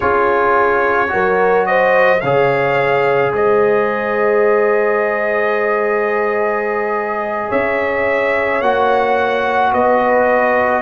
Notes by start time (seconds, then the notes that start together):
0.00 C#4 F4 G#4 C#5
1.08 F#3 F#4 A#4
1.66 C5 D#5
2.20 C#3 G#4 C#5 F5
3.32 G#3 C5 D#5
7.48 C#4 C#5 E5
8.61 A#3 F#4 F#5
9.72 B3 B4 D#5